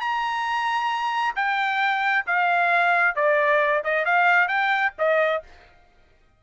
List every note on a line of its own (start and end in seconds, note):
0.00 1.34 A#5
1.35 2.25 G5
2.26 3.15 F5
3.15 3.82 D5
3.84 4.05 D#5
4.05 4.48 F5
4.48 4.93 G5
4.98 5.43 D#5